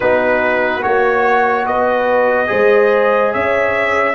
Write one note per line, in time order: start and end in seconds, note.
0.00 0.84 B3
0.00 0.81 D#4
0.00 1.65 F#4
0.00 0.82 B4
0.81 1.66 A#3
0.81 2.47 F#4
0.81 1.66 C#5
1.66 2.49 B3
1.66 2.49 B4
1.66 3.33 D#5
2.47 3.34 G#3
2.47 4.13 G#4
2.47 3.32 C5
3.32 4.15 C#4
3.32 4.15 C#5
3.32 4.15 E5